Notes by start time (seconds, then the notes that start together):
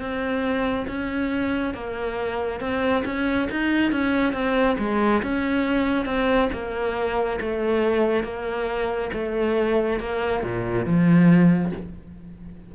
0.00 C4
0.88 C#4
1.74 A#3
2.60 C4
3.05 C#4
3.51 D#4
3.92 C#4
4.33 C4
4.79 G#3
5.23 C#4
6.06 C4
6.53 A#3
7.41 A3
8.24 A#3
9.13 A3
10.00 A#3
10.43 A#2
10.86 F3